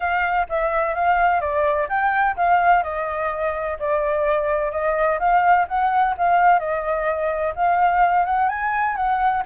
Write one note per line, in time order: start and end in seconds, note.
0.00 0.47 F5
0.49 0.94 E5
0.94 1.40 F5
1.40 1.88 D5
1.88 2.36 G5
2.36 2.83 F5
2.83 3.77 D#5
3.79 4.71 D5
4.71 5.18 D#5
5.19 5.66 F5
5.67 6.15 F#5
6.17 6.59 F5
6.59 7.53 D#5
7.55 8.25 F5
8.25 8.48 F#5
8.48 8.95 G#5
8.95 9.43 F#5